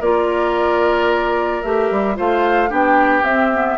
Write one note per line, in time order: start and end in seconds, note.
0.00 1.63 A#3
0.00 1.64 F4
0.00 2.16 A#4
0.00 1.62 D5
1.62 1.91 A3
1.62 2.15 G4
1.62 2.16 E5
1.91 2.18 G3
2.15 2.71 A3
2.15 2.68 F4
2.15 2.70 C5
2.15 2.73 F5
2.68 3.23 B3
2.68 3.22 D4
2.68 3.78 G4
2.68 3.24 G5
3.23 3.77 C4
3.23 3.53 C4
3.23 3.78 E5
3.53 3.78 B3